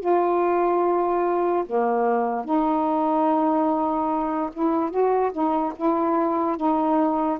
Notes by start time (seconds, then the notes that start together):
0.00 F4
1.66 A#3
2.44 D#4
4.53 E4
4.90 F#4
5.32 D#4
5.76 E4
6.57 D#4